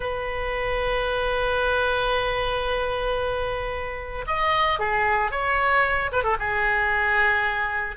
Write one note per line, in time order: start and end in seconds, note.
0.00 4.25 B4
4.26 4.79 D#5
4.79 5.31 G#4
5.31 6.11 C#5
6.12 6.23 B4
6.23 6.36 A4
6.39 7.96 G#4